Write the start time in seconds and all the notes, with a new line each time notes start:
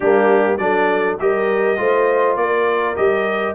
0.00 G3 A#3 D4 G4
0.57 F#3 D4 A4 D5
1.19 G3 G4 A#4 D#5
1.77 A3 F4 C5
2.36 A#3 A#4 D5
2.96 G3 G4 D#5